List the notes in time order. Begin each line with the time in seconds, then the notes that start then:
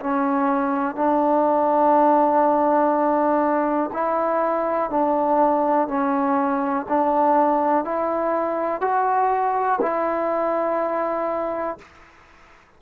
0.00 C#4
0.95 D4
3.93 E4
4.90 D4
5.87 C#4
6.89 D4
7.84 E4
8.81 F#4
9.81 E4